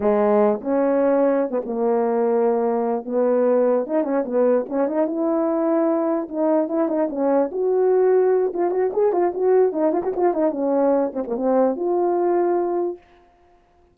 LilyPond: \new Staff \with { instrumentName = "horn" } { \time 4/4 \tempo 4 = 148 gis4. cis'2~ cis'16 b16 | ais2.~ ais8 b8~ | b4. dis'8 cis'8 b4 cis'8 | dis'8 e'2. dis'8~ |
dis'8 e'8 dis'8 cis'4 fis'4.~ | fis'4 f'8 fis'8 gis'8 f'8 fis'4 | dis'8 f'16 fis'16 f'8 dis'8 cis'4. c'16 ais16 | c'4 f'2. | }